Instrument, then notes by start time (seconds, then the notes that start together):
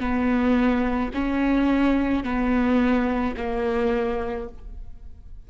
viola
0.00 B3
1.14 C#4
2.24 B3
3.37 A#3